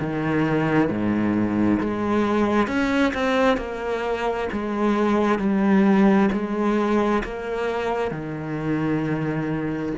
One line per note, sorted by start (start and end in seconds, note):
0.00 0.89 D#3
0.89 1.80 G#2
1.80 2.68 G#3
2.68 3.13 C#4
3.14 3.57 C4
3.57 4.48 A#3
4.52 5.39 G#3
5.39 6.30 G3
6.32 7.23 G#3
7.24 8.11 A#3
8.11 9.93 D#3